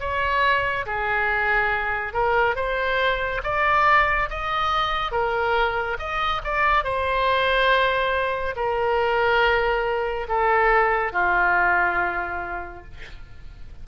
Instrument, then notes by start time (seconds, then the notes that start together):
oboe
0.00 C#5
0.86 G#4
2.14 A#4
2.56 C5
3.43 D5
4.30 D#5
5.12 A#4
5.99 D#5
6.44 D5
6.84 C5
8.56 A#4
10.29 A4
11.12 F4